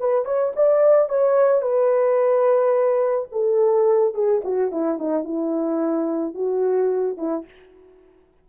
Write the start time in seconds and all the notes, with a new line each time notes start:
0.00 B4
0.25 C#5
0.56 D5
1.09 C#5
1.62 B4
3.32 A4
4.14 G#4
4.45 F#4
4.72 E4
4.99 D#4
5.24 E4
6.35 F#4
7.18 E4